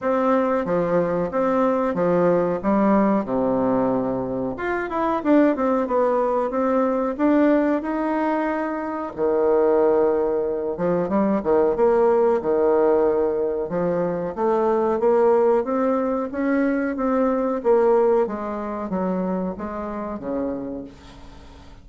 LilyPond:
\new Staff \with { instrumentName = "bassoon" } { \time 4/4 \tempo 4 = 92 c'4 f4 c'4 f4 | g4 c2 f'8 e'8 | d'8 c'8 b4 c'4 d'4 | dis'2 dis2~ |
dis8 f8 g8 dis8 ais4 dis4~ | dis4 f4 a4 ais4 | c'4 cis'4 c'4 ais4 | gis4 fis4 gis4 cis4 | }